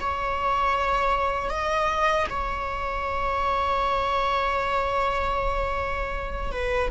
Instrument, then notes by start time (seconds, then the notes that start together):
viola
0.00 C#5
1.49 D#5
2.29 C#5
6.51 B4